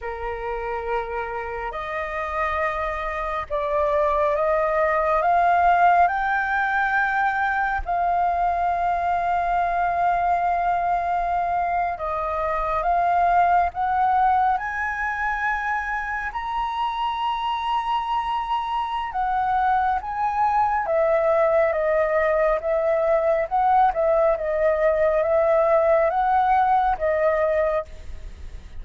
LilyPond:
\new Staff \with { instrumentName = "flute" } { \time 4/4 \tempo 4 = 69 ais'2 dis''2 | d''4 dis''4 f''4 g''4~ | g''4 f''2.~ | f''4.~ f''16 dis''4 f''4 fis''16~ |
fis''8. gis''2 ais''4~ ais''16~ | ais''2 fis''4 gis''4 | e''4 dis''4 e''4 fis''8 e''8 | dis''4 e''4 fis''4 dis''4 | }